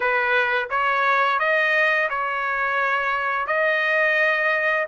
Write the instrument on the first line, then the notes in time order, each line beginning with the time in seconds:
trumpet
0.00 B4
0.70 C#5
1.39 D#5
2.09 C#5
3.46 D#5